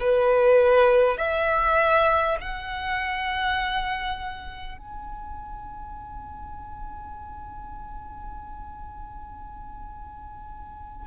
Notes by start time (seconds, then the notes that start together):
0.00 B4
1.18 E5
2.41 F#5
4.78 G#5